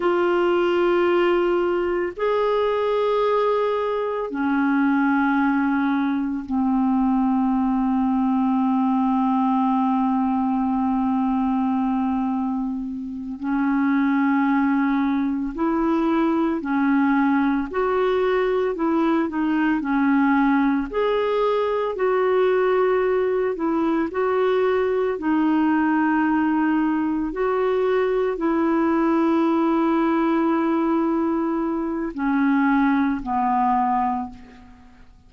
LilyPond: \new Staff \with { instrumentName = "clarinet" } { \time 4/4 \tempo 4 = 56 f'2 gis'2 | cis'2 c'2~ | c'1~ | c'8 cis'2 e'4 cis'8~ |
cis'8 fis'4 e'8 dis'8 cis'4 gis'8~ | gis'8 fis'4. e'8 fis'4 dis'8~ | dis'4. fis'4 e'4.~ | e'2 cis'4 b4 | }